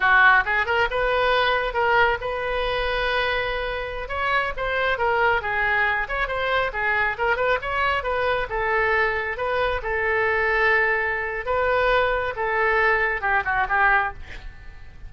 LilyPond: \new Staff \with { instrumentName = "oboe" } { \time 4/4 \tempo 4 = 136 fis'4 gis'8 ais'8 b'2 | ais'4 b'2.~ | b'4~ b'16 cis''4 c''4 ais'8.~ | ais'16 gis'4. cis''8 c''4 gis'8.~ |
gis'16 ais'8 b'8 cis''4 b'4 a'8.~ | a'4~ a'16 b'4 a'4.~ a'16~ | a'2 b'2 | a'2 g'8 fis'8 g'4 | }